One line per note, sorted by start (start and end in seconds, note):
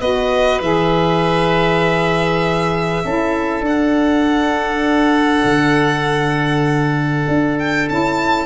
0.00 0.61 B3
0.00 0.62 F#4
0.00 3.03 B4
0.00 0.61 D#5
0.61 3.03 E3
0.61 3.05 G#4
0.61 3.65 E5
3.04 3.60 C#4
3.04 3.64 E4
3.04 8.45 A4
3.60 5.42 D4
3.60 7.88 D4
3.60 7.58 F#5
5.44 7.26 D3
7.28 7.88 D4
7.58 7.88 G5
7.88 8.45 C#4
7.88 8.45 E4
7.88 8.45 A5